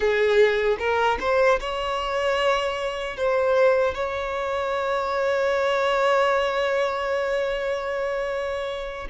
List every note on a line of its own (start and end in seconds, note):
0.00 0.77 G#4
0.78 1.18 A#4
1.20 1.59 C5
1.60 3.17 C#5
3.17 3.94 C5
3.94 9.07 C#5